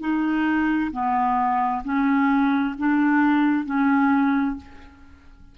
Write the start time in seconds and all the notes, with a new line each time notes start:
0.00 D#4
0.92 B3
1.84 C#4
2.79 D4
3.66 C#4